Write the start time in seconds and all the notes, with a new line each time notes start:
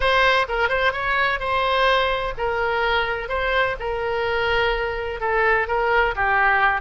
0.00 C5
0.48 A#4
0.68 C5
0.92 C#5
1.39 C5
2.37 A#4
3.29 C5
3.79 A#4
5.20 A4
5.67 A#4
6.15 G4